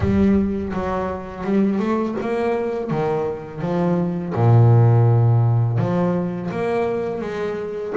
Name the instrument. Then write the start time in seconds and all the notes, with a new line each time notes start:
double bass
0.00 G3
0.73 F#3
1.44 G3
1.79 A3
2.20 A#3
2.90 D#3
3.61 F3
4.34 A#2
5.77 F3
6.51 A#3
7.21 G#3